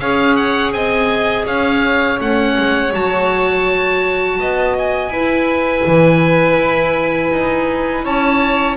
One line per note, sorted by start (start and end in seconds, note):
0.00 0.73 C#4
0.00 2.20 G#4
0.00 0.74 C#5
0.00 0.36 F5
0.36 0.72 F#5
0.73 1.46 C4
0.73 1.46 D#5
0.73 1.46 G#5
1.46 2.20 C#4
1.46 4.39 C#5
1.46 2.20 F5
2.20 2.57 A3
2.20 2.92 C#4
2.20 2.94 F#5
2.58 2.94 G#3
2.92 4.40 F#3
2.92 5.11 F#4
2.92 4.77 A5
4.40 5.09 B3
4.40 5.13 D#5
4.79 8.06 G#5
5.09 5.82 E4
5.09 8.05 B4
5.16 8.77 E4
5.86 6.58 E3
6.58 7.31 E4
7.32 8.05 D#4
8.05 8.77 C#4
8.05 8.77 C#5
8.05 8.77 A5